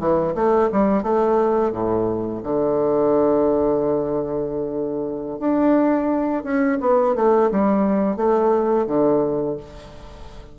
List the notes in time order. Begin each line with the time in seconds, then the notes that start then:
0.00 E3
0.35 A3
0.72 G3
1.03 A3
1.72 A2
2.44 D3
5.39 D4
6.44 C#4
6.81 B3
7.16 A3
7.52 G3
8.17 A3
8.87 D3